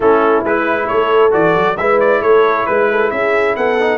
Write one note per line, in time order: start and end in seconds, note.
0.00 0.43 A3
0.00 0.45 C#4
0.00 0.87 E4
0.00 0.45 A4
0.44 0.88 G#3
0.44 1.30 E4
0.44 0.87 B4
0.87 1.34 A3
0.87 1.78 A4
0.87 1.31 C#5
1.30 1.55 E3
1.30 1.75 F#4
1.30 1.77 D5
1.55 1.77 F#3
1.77 2.20 G#3
1.77 3.79 E4
1.77 2.22 B4
1.77 1.99 E5
2.00 2.22 D5
2.20 2.65 A3
2.20 2.66 A4
2.20 2.66 C#5
2.66 3.11 G#3
2.66 3.10 B4
2.66 2.90 B4
2.90 3.12 A4
3.10 3.56 C#4
3.10 3.56 G#4
3.10 3.55 E5
3.56 3.98 B3
3.56 3.98 A4
3.56 3.98 F#5
3.79 3.98 D#4